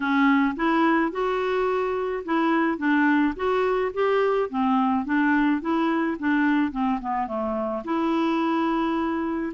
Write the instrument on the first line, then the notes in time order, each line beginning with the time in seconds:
clarinet
0.00 C#4
0.56 E4
1.11 F#4
2.25 E4
2.78 D4
3.35 F#4
3.93 G4
4.49 C4
5.05 D4
5.61 E4
6.19 D4
6.71 C4
7.00 B3
7.27 A3
7.84 E4